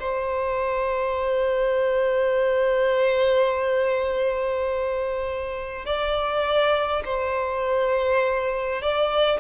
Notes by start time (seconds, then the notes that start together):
0.00 C5
5.86 D5
7.06 C5
8.82 D5